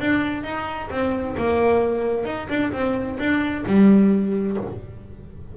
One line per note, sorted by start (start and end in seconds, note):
0.00 0.44 D4
0.44 0.89 D#4
0.90 1.36 C4
1.37 2.25 A#3
2.25 2.48 D#4
2.49 2.72 D4
2.73 3.18 C4
3.19 3.65 D4
3.66 4.57 G3